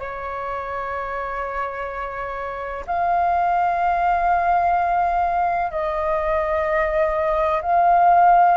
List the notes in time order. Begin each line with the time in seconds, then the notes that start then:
0.00 C#5
2.87 F5
5.71 D#5
7.62 F5